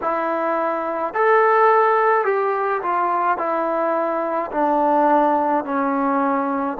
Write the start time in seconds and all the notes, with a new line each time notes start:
0.01 E4
1.14 A4
2.24 G4
2.82 F4
3.37 E4
4.51 D4
5.64 C#4